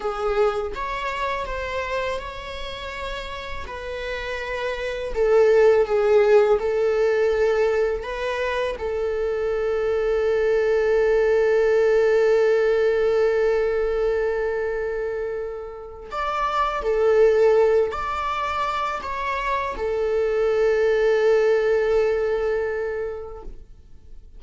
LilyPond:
\new Staff \with { instrumentName = "viola" } { \time 4/4 \tempo 4 = 82 gis'4 cis''4 c''4 cis''4~ | cis''4 b'2 a'4 | gis'4 a'2 b'4 | a'1~ |
a'1~ | a'2 d''4 a'4~ | a'8 d''4. cis''4 a'4~ | a'1 | }